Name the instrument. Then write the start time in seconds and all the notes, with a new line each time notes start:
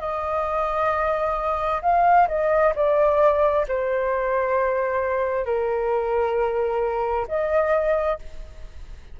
flute
0.00 D#5
1.82 F5
2.28 D#5
2.75 D5
3.68 C5
5.45 A#4
7.28 D#5